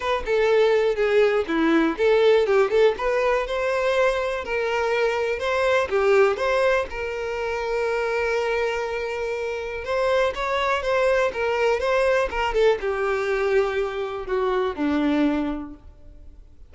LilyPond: \new Staff \with { instrumentName = "violin" } { \time 4/4 \tempo 4 = 122 b'8 a'4. gis'4 e'4 | a'4 g'8 a'8 b'4 c''4~ | c''4 ais'2 c''4 | g'4 c''4 ais'2~ |
ais'1 | c''4 cis''4 c''4 ais'4 | c''4 ais'8 a'8 g'2~ | g'4 fis'4 d'2 | }